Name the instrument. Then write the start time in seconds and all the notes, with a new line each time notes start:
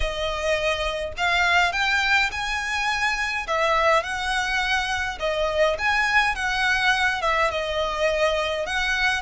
violin
0.00 D#5
1.17 F5
1.72 G5
2.31 G#5
3.47 E5
4.03 F#5
5.19 D#5
5.78 G#5
6.35 F#5
7.21 E5
7.50 D#5
8.66 F#5